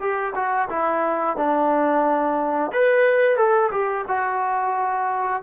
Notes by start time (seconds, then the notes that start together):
0.00 G4
0.36 F#4
0.69 E4
1.37 D4
2.73 B4
3.37 A4
3.72 G4
4.08 F#4